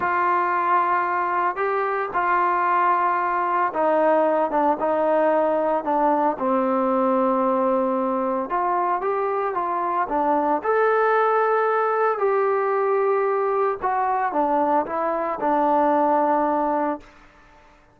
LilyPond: \new Staff \with { instrumentName = "trombone" } { \time 4/4 \tempo 4 = 113 f'2. g'4 | f'2. dis'4~ | dis'8 d'8 dis'2 d'4 | c'1 |
f'4 g'4 f'4 d'4 | a'2. g'4~ | g'2 fis'4 d'4 | e'4 d'2. | }